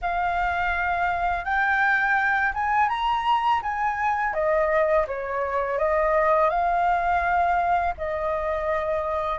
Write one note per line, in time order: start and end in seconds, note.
0.01 1.44 F5
1.44 2.52 G5
2.54 2.88 G#5
2.88 3.61 A#5
3.62 4.33 G#5
4.33 5.05 D#5
5.07 5.78 C#5
5.78 6.49 D#5
6.49 7.94 F5
7.97 9.38 D#5